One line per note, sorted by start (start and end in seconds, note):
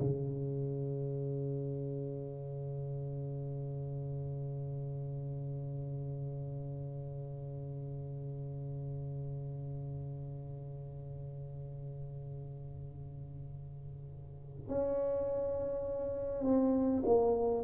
0.00 14.68 C#3
14.68 16.44 C#4
16.44 17.03 C4
17.05 17.64 A#3